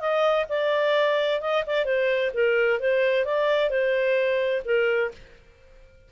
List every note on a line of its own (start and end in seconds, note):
0.00 0.46 D#5
0.49 1.41 D5
1.41 1.64 D#5
1.67 1.85 D5
1.85 2.31 C5
2.34 2.80 A#4
2.80 3.25 C5
3.25 3.70 D5
3.70 4.62 C5
4.65 5.11 A#4